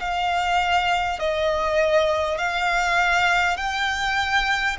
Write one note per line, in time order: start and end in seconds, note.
0.00 1.19 F5
1.19 2.38 D#5
2.38 3.57 F5
3.57 4.77 G5